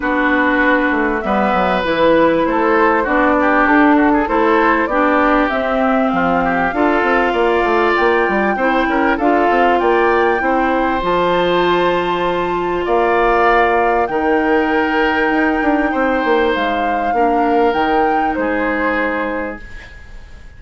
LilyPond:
<<
  \new Staff \with { instrumentName = "flute" } { \time 4/4 \tempo 4 = 98 b'2 e''4 b'4 | c''4 d''4 a'4 c''4 | d''4 e''4 f''2~ | f''4 g''2 f''4 |
g''2 a''2~ | a''4 f''2 g''4~ | g''2. f''4~ | f''4 g''4 c''2 | }
  \new Staff \with { instrumentName = "oboe" } { \time 4/4 fis'2 b'2 | a'4 fis'8 g'4 fis'16 gis'16 a'4 | g'2 f'8 g'8 a'4 | d''2 c''8 ais'8 a'4 |
d''4 c''2.~ | c''4 d''2 ais'4~ | ais'2 c''2 | ais'2 gis'2 | }
  \new Staff \with { instrumentName = "clarinet" } { \time 4/4 d'2 b4 e'4~ | e'4 d'2 e'4 | d'4 c'2 f'4~ | f'2 e'4 f'4~ |
f'4 e'4 f'2~ | f'2. dis'4~ | dis'1 | d'4 dis'2. | }
  \new Staff \with { instrumentName = "bassoon" } { \time 4/4 b4. a8 g8 fis8 e4 | a4 b4 d'4 a4 | b4 c'4 f4 d'8 c'8 | ais8 a8 ais8 g8 c'8 cis'8 d'8 c'8 |
ais4 c'4 f2~ | f4 ais2 dis4~ | dis4 dis'8 d'8 c'8 ais8 gis4 | ais4 dis4 gis2 | }
>>